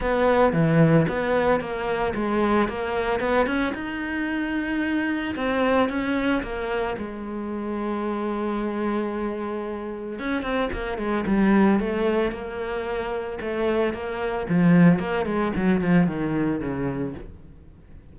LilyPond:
\new Staff \with { instrumentName = "cello" } { \time 4/4 \tempo 4 = 112 b4 e4 b4 ais4 | gis4 ais4 b8 cis'8 dis'4~ | dis'2 c'4 cis'4 | ais4 gis2.~ |
gis2. cis'8 c'8 | ais8 gis8 g4 a4 ais4~ | ais4 a4 ais4 f4 | ais8 gis8 fis8 f8 dis4 cis4 | }